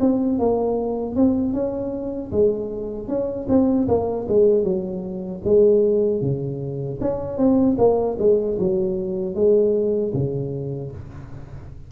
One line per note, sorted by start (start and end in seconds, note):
0.00 0.39 C4
0.39 1.16 A#3
1.16 1.53 C4
1.53 2.31 C#4
2.32 3.09 G#3
3.09 3.47 C#4
3.49 3.88 C4
3.88 4.27 A#3
4.29 4.64 G#3
4.64 5.42 F#3
5.45 6.22 G#3
6.22 7.00 C#3
7.01 7.38 C#4
7.38 7.77 C4
7.79 8.17 A#3
8.19 8.58 G#3
8.59 9.35 F#3
9.35 10.13 G#3
10.14 10.92 C#3